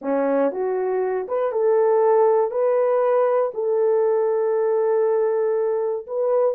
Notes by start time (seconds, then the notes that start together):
0.01 C#4
0.51 F#4
1.27 B4
1.51 A4
2.50 B4
3.54 A4
6.06 B4